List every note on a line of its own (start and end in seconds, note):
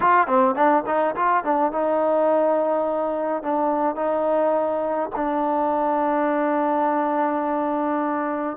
0.00 0.27 F4
0.27 0.55 C4
0.55 0.83 D4
0.86 1.15 D#4
1.15 1.44 F4
1.44 1.71 D4
1.71 3.42 D#4
3.42 3.95 D4
3.95 5.10 D#4
5.15 8.57 D4